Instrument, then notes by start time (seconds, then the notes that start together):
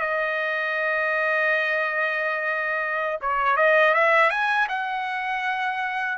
trumpet
0.00 D#5
3.20 C#5
3.56 D#5
3.94 E5
4.30 G#5
4.68 F#5